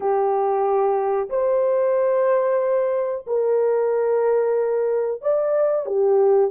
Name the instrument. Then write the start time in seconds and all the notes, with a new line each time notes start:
horn
0.00 G4
1.29 C5
3.26 A#4
5.21 D5
5.85 G4